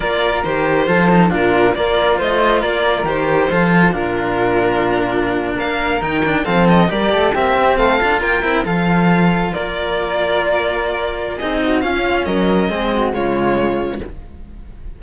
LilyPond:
<<
  \new Staff \with { instrumentName = "violin" } { \time 4/4 \tempo 4 = 137 d''4 c''2 ais'4 | d''4 dis''4 d''4 c''4~ | c''4 ais'2.~ | ais'8. f''4 g''4 f''8 dis''8 d''16~ |
d''8. e''4 f''4 g''4 f''16~ | f''4.~ f''16 d''2~ d''16~ | d''2 dis''4 f''4 | dis''2 cis''2 | }
  \new Staff \with { instrumentName = "flute" } { \time 4/4 ais'2 a'4 f'4 | ais'4 c''4 ais'2 | a'4 f'2.~ | f'8. ais'2 a'4 ais'16~ |
ais'16 a'8 g'4 a'4 ais'4 a'16~ | a'4.~ a'16 ais'2~ ais'16~ | ais'2 gis'8 fis'8 f'4 | ais'4 gis'8 fis'8 f'2 | }
  \new Staff \with { instrumentName = "cello" } { \time 4/4 f'4 g'4 f'8 dis'8 d'4 | f'2. g'4 | f'4 d'2.~ | d'4.~ d'16 dis'8 d'8 c'4 g'16~ |
g'8. c'4. f'4 e'8 f'16~ | f'1~ | f'2 dis'4 cis'4~ | cis'4 c'4 gis2 | }
  \new Staff \with { instrumentName = "cello" } { \time 4/4 ais4 dis4 f4 ais,4 | ais4 a4 ais4 dis4 | f4 ais,2.~ | ais,8. ais4 dis4 f4 g16~ |
g16 a8 ais8 c'8 a8 d'8 ais8 c'8 f16~ | f4.~ f16 ais2~ ais16~ | ais2 c'4 cis'4 | fis4 gis4 cis2 | }
>>